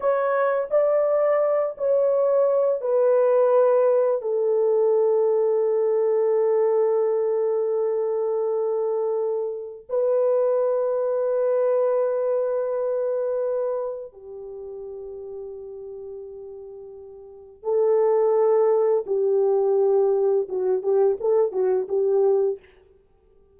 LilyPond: \new Staff \with { instrumentName = "horn" } { \time 4/4 \tempo 4 = 85 cis''4 d''4. cis''4. | b'2 a'2~ | a'1~ | a'2 b'2~ |
b'1 | g'1~ | g'4 a'2 g'4~ | g'4 fis'8 g'8 a'8 fis'8 g'4 | }